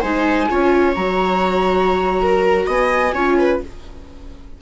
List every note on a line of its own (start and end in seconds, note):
0.00 0.49 G#3
0.00 0.48 D#4
0.00 0.47 C5
0.00 0.92 G#5
0.50 0.96 C#4
0.50 0.96 F4
0.50 2.22 C#5
0.95 2.67 F#3
0.95 3.15 F#4
0.95 2.68 A#5
2.22 2.66 A#4
2.66 3.13 B3
2.66 3.13 D#5
2.66 3.60 G#5
3.13 3.59 C#4
3.13 3.61 F4
3.13 3.37 C#5
3.38 3.61 B4